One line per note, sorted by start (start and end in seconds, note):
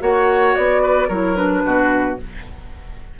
0.00 0.55 A#3
0.00 1.08 F#4
0.00 0.82 C#5
0.00 0.56 F#5
0.56 1.09 B3
0.56 1.09 D5
0.82 1.08 B4
1.08 1.63 F#3
1.08 1.36 E4
1.08 1.62 A#4
1.08 1.36 C#5
1.36 2.17 D4
1.36 2.17 B4
1.65 2.19 B2
1.65 2.20 F#4